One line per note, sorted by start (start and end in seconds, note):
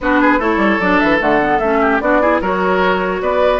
0.01 0.39 B3
0.01 0.39 D4
0.01 0.21 F#4
0.01 0.41 B4
0.21 0.39 G#4
0.39 0.56 A3
0.39 0.80 E4
0.39 1.80 A4
0.39 0.80 C#5
0.56 0.76 G3
0.80 1.00 F#3
0.80 1.19 D4
0.80 0.99 D5
0.99 1.20 E3
0.99 1.19 E5
1.19 1.59 D3
1.19 1.39 A3
1.19 1.58 F#5
1.42 1.62 B3
1.58 2.00 A3
1.58 2.02 C#4
1.58 1.99 E5
1.81 2.01 G4
2.00 2.40 B3
2.00 2.21 D4
2.00 2.21 F#4
2.00 2.40 D5
2.21 2.42 E4
2.21 2.41 G#4
2.41 3.21 F#3
2.41 3.60 F#4
2.41 3.21 A#4
2.41 3.22 C#5
3.21 3.60 B3
3.21 3.60 B4
3.21 3.60 D5